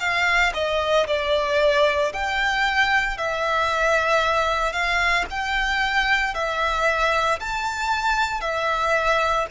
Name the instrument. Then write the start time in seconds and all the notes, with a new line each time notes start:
violin
0.00 F5
0.54 D#5
1.07 D5
2.13 G5
3.18 E5
4.73 F5
5.31 G5
6.34 E5
7.40 A5
8.41 E5